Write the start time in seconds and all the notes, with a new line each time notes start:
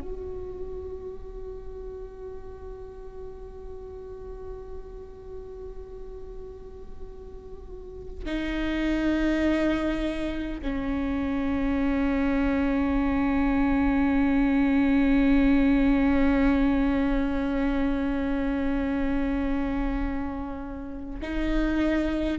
0.00 F#4
8.25 D#4
10.61 C#4
21.21 D#4